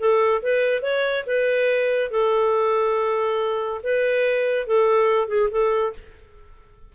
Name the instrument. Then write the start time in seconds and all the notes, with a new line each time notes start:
clarinet
0.00 A4
0.43 B4
0.83 C#5
1.27 B4
2.11 A4
3.84 B4
4.67 A4
5.28 G#4
5.51 A4